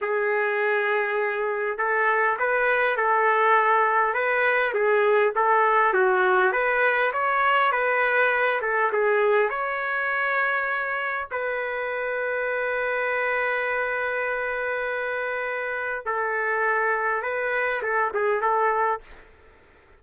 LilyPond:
\new Staff \with { instrumentName = "trumpet" } { \time 4/4 \tempo 4 = 101 gis'2. a'4 | b'4 a'2 b'4 | gis'4 a'4 fis'4 b'4 | cis''4 b'4. a'8 gis'4 |
cis''2. b'4~ | b'1~ | b'2. a'4~ | a'4 b'4 a'8 gis'8 a'4 | }